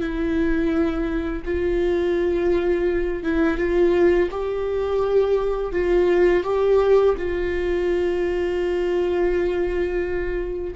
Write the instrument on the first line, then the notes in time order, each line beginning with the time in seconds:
viola
0.00 E4
1.45 F4
3.23 E4
3.58 F4
4.31 G4
5.72 F4
6.44 G4
7.18 F4